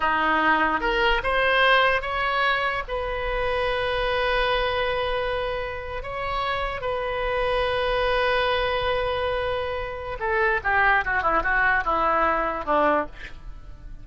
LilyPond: \new Staff \with { instrumentName = "oboe" } { \time 4/4 \tempo 4 = 147 dis'2 ais'4 c''4~ | c''4 cis''2 b'4~ | b'1~ | b'2~ b'8. cis''4~ cis''16~ |
cis''8. b'2.~ b'16~ | b'1~ | b'4 a'4 g'4 fis'8 e'8 | fis'4 e'2 d'4 | }